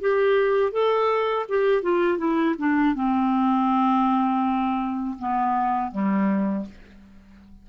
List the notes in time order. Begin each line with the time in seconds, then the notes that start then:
0.00 G4
0.72 A4
1.48 G4
1.82 F4
2.18 E4
2.58 D4
2.94 C4
5.18 B3
5.91 G3